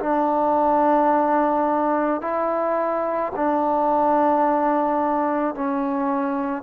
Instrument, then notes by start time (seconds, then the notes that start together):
trombone
0.00 D4
2.22 E4
3.36 D4
5.55 C#4